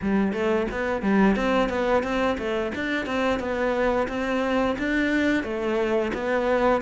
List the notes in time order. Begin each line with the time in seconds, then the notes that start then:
0.01 G3
0.32 A3
0.71 B3
1.02 G3
1.35 C4
1.69 B3
2.03 C4
2.38 A3
2.75 D4
3.06 C4
3.39 B3
4.08 C4
4.78 D4
5.43 A3
6.13 B3